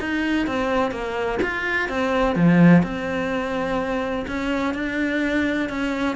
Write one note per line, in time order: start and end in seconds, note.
0.00 0.47 D#4
0.47 0.91 C4
0.91 1.39 A#3
1.42 1.89 F4
1.89 2.35 C4
2.35 2.83 F3
2.83 4.26 C4
4.27 4.74 C#4
4.74 5.69 D4
5.69 6.16 C#4